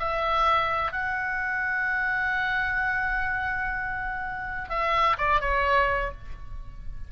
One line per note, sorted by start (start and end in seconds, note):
0.00 0.92 E5
0.92 4.70 F#5
4.70 5.17 E5
5.18 5.41 D5
5.41 6.12 C#5